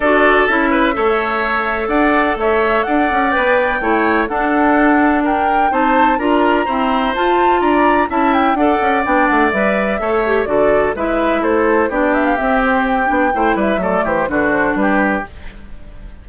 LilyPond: <<
  \new Staff \with { instrumentName = "flute" } { \time 4/4 \tempo 4 = 126 d''4 e''2. | fis''4 e''4 fis''4 g''4~ | g''4 fis''2 g''4 | a''4 ais''2 a''4 |
ais''4 a''8 g''8 fis''4 g''8 fis''8 | e''2 d''4 e''4 | c''4 d''8 e''16 f''16 e''8 c''8 g''4~ | g''8 e''8 d''8 c''8 b'8 c''8 b'4 | }
  \new Staff \with { instrumentName = "oboe" } { \time 4/4 a'4. b'8 cis''2 | d''4 cis''4 d''2 | cis''4 a'2 ais'4 | c''4 ais'4 c''2 |
d''4 e''4 d''2~ | d''4 cis''4 a'4 b'4 | a'4 g'2. | c''8 b'8 a'8 g'8 fis'4 g'4 | }
  \new Staff \with { instrumentName = "clarinet" } { \time 4/4 fis'4 e'4 a'2~ | a'2. b'4 | e'4 d'2. | dis'4 f'4 c'4 f'4~ |
f'4 e'4 a'4 d'4 | b'4 a'8 g'8 fis'4 e'4~ | e'4 d'4 c'4. d'8 | e'4 a4 d'2 | }
  \new Staff \with { instrumentName = "bassoon" } { \time 4/4 d'4 cis'4 a2 | d'4 a4 d'8 cis'8 b4 | a4 d'2. | c'4 d'4 e'4 f'4 |
d'4 cis'4 d'8 cis'8 b8 a8 | g4 a4 d4 gis4 | a4 b4 c'4. b8 | a8 g8 fis8 e8 d4 g4 | }
>>